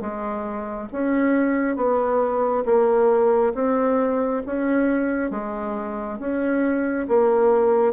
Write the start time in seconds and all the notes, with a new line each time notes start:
0.00 G#3
0.92 C#4
1.76 B3
2.65 A#3
3.54 C4
4.46 C#4
5.30 G#3
6.18 C#4
7.08 A#3